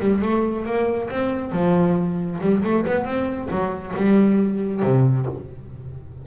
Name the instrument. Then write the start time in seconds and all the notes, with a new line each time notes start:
double bass
0.00 G3
0.22 A3
0.66 A#3
1.10 C4
1.53 F3
2.41 G3
2.64 A3
2.86 B3
3.05 C4
3.51 F#3
3.97 G3
4.83 C3